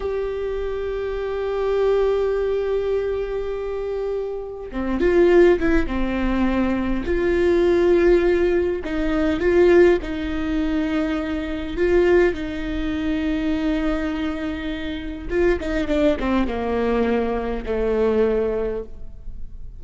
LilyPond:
\new Staff \with { instrumentName = "viola" } { \time 4/4 \tempo 4 = 102 g'1~ | g'1 | c'8 f'4 e'8 c'2 | f'2. dis'4 |
f'4 dis'2. | f'4 dis'2.~ | dis'2 f'8 dis'8 d'8 c'8 | ais2 a2 | }